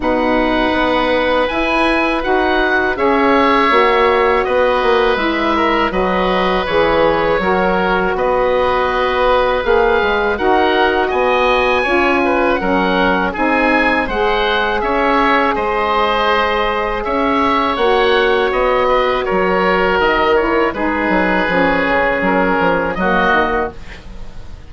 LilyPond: <<
  \new Staff \with { instrumentName = "oboe" } { \time 4/4 \tempo 4 = 81 fis''2 gis''4 fis''4 | e''2 dis''4 e''4 | dis''4 cis''2 dis''4~ | dis''4 f''4 fis''4 gis''4~ |
gis''4 fis''4 gis''4 fis''4 | e''4 dis''2 e''4 | fis''4 dis''4 cis''4 dis''8 cis''8 | b'2 ais'4 dis''4 | }
  \new Staff \with { instrumentName = "oboe" } { \time 4/4 b'1 | cis''2 b'4. ais'8 | b'2 ais'4 b'4~ | b'2 ais'4 dis''4 |
cis''8 b'8 ais'4 gis'4 c''4 | cis''4 c''2 cis''4~ | cis''4. b'8 ais'2 | gis'2. fis'4 | }
  \new Staff \with { instrumentName = "saxophone" } { \time 4/4 dis'2 e'4 fis'4 | gis'4 fis'2 e'4 | fis'4 gis'4 fis'2~ | fis'4 gis'4 fis'2 |
f'4 cis'4 dis'4 gis'4~ | gis'1 | fis'2.~ fis'8 e'8 | dis'4 cis'2 ais4 | }
  \new Staff \with { instrumentName = "bassoon" } { \time 4/4 b,4 b4 e'4 dis'4 | cis'4 ais4 b8 ais8 gis4 | fis4 e4 fis4 b4~ | b4 ais8 gis8 dis'4 b4 |
cis'4 fis4 c'4 gis4 | cis'4 gis2 cis'4 | ais4 b4 fis4 dis4 | gis8 fis8 f8 cis8 fis8 f8 fis8 dis8 | }
>>